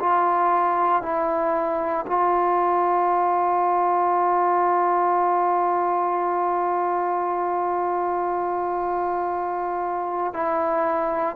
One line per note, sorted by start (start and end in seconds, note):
0.00 1.02 F4
1.02 2.05 E4
2.07 10.34 F4
10.34 11.36 E4